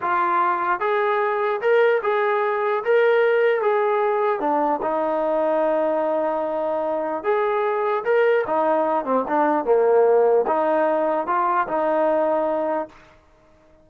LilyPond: \new Staff \with { instrumentName = "trombone" } { \time 4/4 \tempo 4 = 149 f'2 gis'2 | ais'4 gis'2 ais'4~ | ais'4 gis'2 d'4 | dis'1~ |
dis'2 gis'2 | ais'4 dis'4. c'8 d'4 | ais2 dis'2 | f'4 dis'2. | }